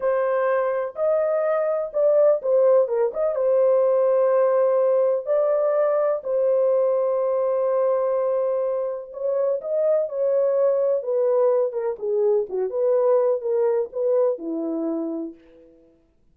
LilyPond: \new Staff \with { instrumentName = "horn" } { \time 4/4 \tempo 4 = 125 c''2 dis''2 | d''4 c''4 ais'8 dis''8 c''4~ | c''2. d''4~ | d''4 c''2.~ |
c''2. cis''4 | dis''4 cis''2 b'4~ | b'8 ais'8 gis'4 fis'8 b'4. | ais'4 b'4 e'2 | }